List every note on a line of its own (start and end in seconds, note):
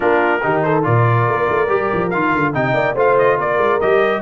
0.00 0.43 A#3
0.00 0.40 D4
0.00 0.42 F4
0.00 0.62 A#4
0.42 0.86 D#3
0.42 0.82 D#4
0.42 0.65 G4
0.62 0.85 A4
0.62 0.84 C5
0.82 1.27 A#2
0.82 1.67 F4
0.82 2.54 A#4
0.82 2.10 D5
1.27 1.49 A#3
1.49 1.68 A3
1.68 1.89 G3
1.68 2.11 G4
1.93 2.14 F3
2.10 2.33 D#3
2.10 2.53 F4
2.10 2.52 F5
2.33 2.54 D3
2.53 2.73 C3
2.53 2.95 D#4
2.53 2.74 D#5
2.53 2.96 G5
2.73 2.94 A#3
2.73 2.95 D5
2.95 3.37 A3
2.95 3.80 F4
2.95 3.36 C5
2.95 3.18 F5
3.18 3.39 D#5
3.36 3.57 A#3
3.36 4.21 A#4
3.36 3.80 D5
3.57 3.79 G#3
3.80 4.22 G3
3.80 4.22 G4
3.80 4.22 D#5